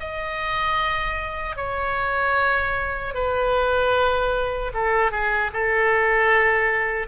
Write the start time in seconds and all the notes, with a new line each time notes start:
0.00 D#5
1.56 C#5
3.15 B4
4.74 A4
5.12 G#4
5.53 A4